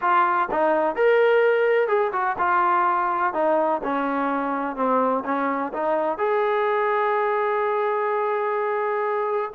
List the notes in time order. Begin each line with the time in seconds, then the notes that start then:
0.01 F4
0.51 D#4
0.95 A#4
1.87 G#4
2.12 F#4
2.38 F4
3.33 D#4
3.83 C#4
4.76 C4
5.24 C#4
5.73 D#4
6.18 G#4